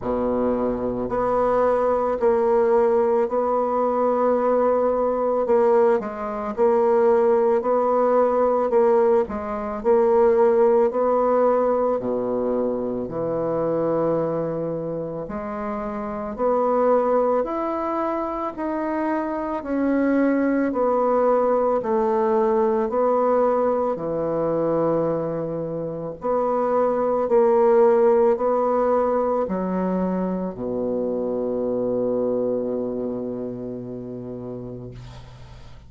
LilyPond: \new Staff \with { instrumentName = "bassoon" } { \time 4/4 \tempo 4 = 55 b,4 b4 ais4 b4~ | b4 ais8 gis8 ais4 b4 | ais8 gis8 ais4 b4 b,4 | e2 gis4 b4 |
e'4 dis'4 cis'4 b4 | a4 b4 e2 | b4 ais4 b4 fis4 | b,1 | }